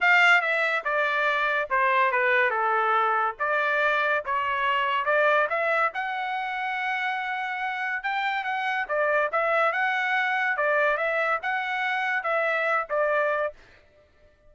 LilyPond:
\new Staff \with { instrumentName = "trumpet" } { \time 4/4 \tempo 4 = 142 f''4 e''4 d''2 | c''4 b'4 a'2 | d''2 cis''2 | d''4 e''4 fis''2~ |
fis''2. g''4 | fis''4 d''4 e''4 fis''4~ | fis''4 d''4 e''4 fis''4~ | fis''4 e''4. d''4. | }